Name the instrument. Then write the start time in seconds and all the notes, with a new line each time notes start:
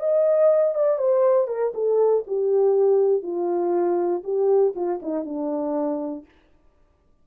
horn
0.00 D#5
0.75 D5
0.98 C5
1.48 A#4
1.74 A4
2.27 G4
3.22 F4
4.24 G4
4.75 F4
5.02 D#4
5.25 D4